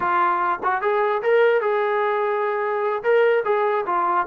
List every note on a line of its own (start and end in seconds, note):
0.00 0.59 F4
0.63 0.81 F#4
0.81 1.22 G#4
1.22 1.61 A#4
1.61 3.03 G#4
3.03 3.43 A#4
3.44 3.85 G#4
3.86 4.26 F4